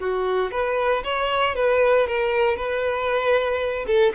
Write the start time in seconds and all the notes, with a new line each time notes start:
0.00 F#4
0.52 B4
1.04 C#5
1.56 B4
2.08 A#4
2.57 B4
3.87 A4